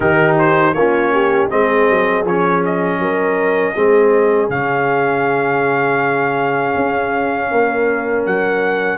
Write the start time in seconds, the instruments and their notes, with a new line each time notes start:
0.00 tuba D#3, trombone D#4, horn G4, trumpet A#4
0.38 trumpet C5
0.73 tuba A#3, trombone C#4, horn F4, trumpet C#5
1.12 horn G4
1.50 tuba G#3, trombone C4, horn G#4, trumpet D#5
1.89 tuba F#3
2.24 tuba F3, trombone C#4, trumpet C#5
2.65 trumpet D#5
2.98 tuba F#3, horn A#4
3.74 tuba G#3, trombone C4, horn G#4
4.49 tuba C#3, trombone C#4, trumpet F5
6.76 tuba C#4
7.51 tuba A#3, horn A#4
8.26 tuba F#3, trumpet F#5